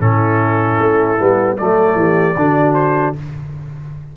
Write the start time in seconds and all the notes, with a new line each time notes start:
0.00 A2 C#4 E4 A4
0.79 A3
1.18 G3 B3
1.57 F#3 A3 A4 D5
1.95 E3 G4
2.36 D3 D4 F#4
2.74 C5